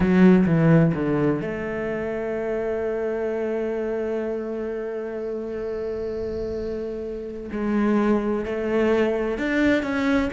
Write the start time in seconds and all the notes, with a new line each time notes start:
0.00 F#3
0.46 E3
0.94 D3
1.41 A3
7.51 G#3
8.45 A3
9.37 D4
9.82 C#4